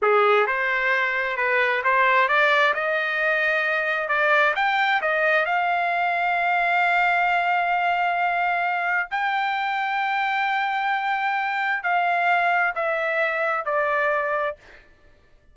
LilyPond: \new Staff \with { instrumentName = "trumpet" } { \time 4/4 \tempo 4 = 132 gis'4 c''2 b'4 | c''4 d''4 dis''2~ | dis''4 d''4 g''4 dis''4 | f''1~ |
f''1 | g''1~ | g''2 f''2 | e''2 d''2 | }